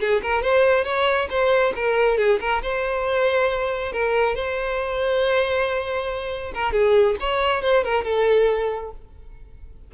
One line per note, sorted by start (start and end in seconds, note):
0.00 0.22 G#4
0.23 0.42 A#4
0.42 0.85 C5
0.85 1.28 C#5
1.30 1.74 C5
1.76 2.18 A#4
2.18 2.40 G#4
2.41 2.62 A#4
2.63 3.93 C5
3.93 4.35 A#4
4.35 6.53 C5
6.55 6.73 A#4
6.73 7.16 G#4
7.20 7.62 C#5
7.62 7.84 C5
7.84 8.04 A#4
8.04 8.91 A4